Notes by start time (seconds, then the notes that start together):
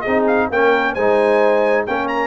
0.00 C4 D#4 G#4 D#5
0.27 F5
0.50 A#3 C#4 A#4 G5
0.93 G#3 D#4 C5 G#5
1.86 A#3 C#4 A#4 G5
2.07 A#5